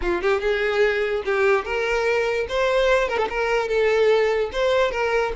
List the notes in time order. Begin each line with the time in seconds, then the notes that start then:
0.01 F4
0.22 G4
0.40 G#4
1.25 G4
1.64 A#4
2.48 C5
3.08 A#4
3.17 A4
3.29 A#4
3.68 A4
4.52 C5
4.91 A#4